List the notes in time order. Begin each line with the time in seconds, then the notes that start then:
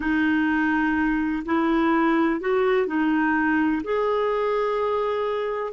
0.00 D#4
1.45 E4
2.40 F#4
2.87 D#4
3.83 G#4